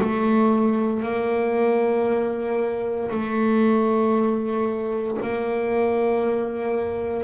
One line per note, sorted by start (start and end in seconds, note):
0.00 1.03 A3
1.03 3.10 A#3
3.10 5.17 A3
5.22 7.23 A#3